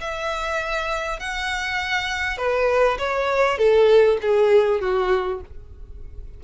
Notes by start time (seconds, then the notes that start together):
0.00 E5
1.19 F#5
2.37 B4
2.98 C#5
3.58 A4
4.21 G#4
4.80 F#4